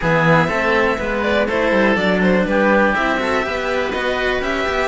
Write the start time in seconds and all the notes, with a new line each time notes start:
0.00 E3 B3 G#4 E5
0.48 A3 C4 A4
0.98 G#3 B3 B4
1.22 D5
1.47 A3 E4 A4 C5
1.71 G3
1.95 F#3 D4 D5
2.21 C5
2.45 G3 G4 B4
2.93 C4 E4 E5
3.19 F#4 A4
3.42 B3 G4 B4
3.91 F#4 D#5
4.40 C#4 G4 E5
4.68 B3